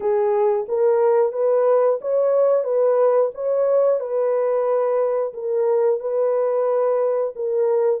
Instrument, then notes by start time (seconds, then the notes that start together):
horn
0.00 G#4
0.68 A#4
1.32 B4
2.01 C#5
2.64 B4
3.34 C#5
4.00 B4
5.33 A#4
6.00 B4
7.35 A#4